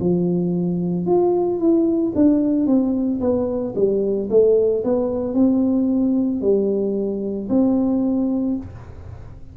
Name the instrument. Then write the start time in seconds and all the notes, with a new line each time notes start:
tuba
0.00 F3
1.06 F4
1.59 E4
2.15 D4
2.67 C4
3.20 B3
3.75 G3
4.30 A3
4.84 B3
5.34 C4
6.41 G3
7.50 C4